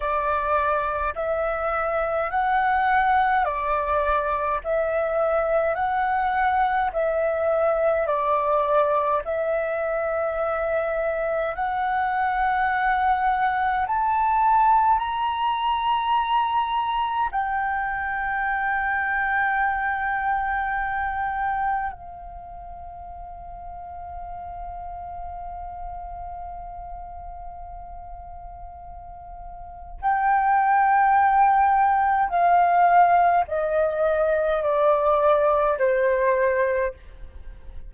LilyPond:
\new Staff \with { instrumentName = "flute" } { \time 4/4 \tempo 4 = 52 d''4 e''4 fis''4 d''4 | e''4 fis''4 e''4 d''4 | e''2 fis''2 | a''4 ais''2 g''4~ |
g''2. f''4~ | f''1~ | f''2 g''2 | f''4 dis''4 d''4 c''4 | }